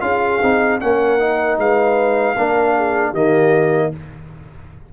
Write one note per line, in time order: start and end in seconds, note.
0.00 0.40 C#4
0.00 0.39 F4
0.00 0.81 G#4
0.00 0.79 F5
0.42 0.81 C4
0.42 0.80 D#4
0.80 1.57 A#3
0.80 1.19 C#4
0.80 1.59 A#4
0.80 1.58 F#5
1.19 2.36 D#4
1.57 2.35 G#3
1.57 2.36 B4
1.57 3.14 F5
2.36 3.13 A#3
2.36 3.15 D4
2.36 2.75 A#4
2.76 3.10 G#4
3.10 3.91 D#3
3.10 3.93 A#3
3.10 3.88 G4
3.10 3.92 D#5